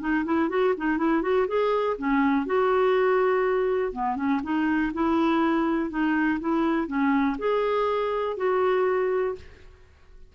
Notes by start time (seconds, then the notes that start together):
0.00 D#4
0.25 E4
0.49 F#4
0.77 D#4
0.98 E4
1.23 F#4
1.48 G#4
1.98 C#4
2.46 F#4
3.93 B3
4.16 C#4
4.44 D#4
4.94 E4
5.90 D#4
6.40 E4
6.87 C#4
7.39 G#4
8.37 F#4